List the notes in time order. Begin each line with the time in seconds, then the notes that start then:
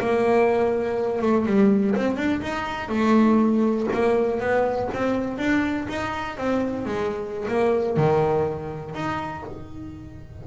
0.00 A#3
1.22 A3
1.46 G3
1.95 C4
2.17 D4
2.42 D#4
2.89 A3
3.93 A#3
4.40 B3
4.94 C4
5.38 D4
5.89 D#4
6.37 C4
6.86 G#3
7.48 A#3
7.97 D#3
8.95 D#4